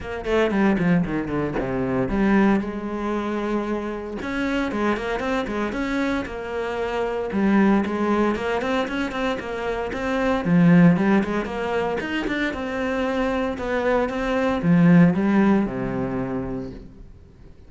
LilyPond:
\new Staff \with { instrumentName = "cello" } { \time 4/4 \tempo 4 = 115 ais8 a8 g8 f8 dis8 d8 c4 | g4 gis2. | cis'4 gis8 ais8 c'8 gis8 cis'4 | ais2 g4 gis4 |
ais8 c'8 cis'8 c'8 ais4 c'4 | f4 g8 gis8 ais4 dis'8 d'8 | c'2 b4 c'4 | f4 g4 c2 | }